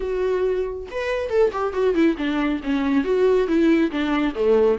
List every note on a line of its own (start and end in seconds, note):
0.00 0.87 F#4
0.91 1.29 B4
1.29 1.51 A4
1.52 1.73 G4
1.73 1.94 F#4
1.94 2.16 E4
2.17 2.61 D4
2.63 3.04 C#4
3.04 3.47 F#4
3.47 3.91 E4
3.91 4.34 D4
4.34 4.78 A3